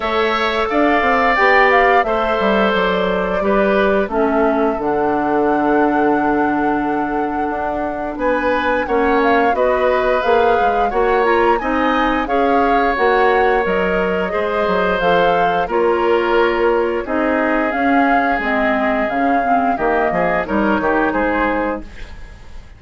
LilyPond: <<
  \new Staff \with { instrumentName = "flute" } { \time 4/4 \tempo 4 = 88 e''4 f''4 g''8 f''8 e''4 | d''2 e''4 fis''4~ | fis''1 | gis''4 fis''8 f''8 dis''4 f''4 |
fis''8 ais''8 gis''4 f''4 fis''4 | dis''2 f''4 cis''4~ | cis''4 dis''4 f''4 dis''4 | f''4 dis''4 cis''4 c''4 | }
  \new Staff \with { instrumentName = "oboe" } { \time 4/4 cis''4 d''2 c''4~ | c''4 b'4 a'2~ | a'1 | b'4 cis''4 b'2 |
cis''4 dis''4 cis''2~ | cis''4 c''2 ais'4~ | ais'4 gis'2.~ | gis'4 g'8 gis'8 ais'8 g'8 gis'4 | }
  \new Staff \with { instrumentName = "clarinet" } { \time 4/4 a'2 g'4 a'4~ | a'4 g'4 cis'4 d'4~ | d'1~ | d'4 cis'4 fis'4 gis'4 |
fis'8 f'8 dis'4 gis'4 fis'4 | ais'4 gis'4 a'4 f'4~ | f'4 dis'4 cis'4 c'4 | cis'8 c'8 ais4 dis'2 | }
  \new Staff \with { instrumentName = "bassoon" } { \time 4/4 a4 d'8 c'8 b4 a8 g8 | fis4 g4 a4 d4~ | d2. d'4 | b4 ais4 b4 ais8 gis8 |
ais4 c'4 cis'4 ais4 | fis4 gis8 fis8 f4 ais4~ | ais4 c'4 cis'4 gis4 | cis4 dis8 f8 g8 dis8 gis4 | }
>>